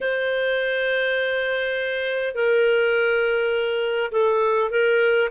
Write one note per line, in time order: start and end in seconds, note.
0.01 2.34 C5
2.34 4.11 A#4
4.11 4.70 A4
4.70 5.29 A#4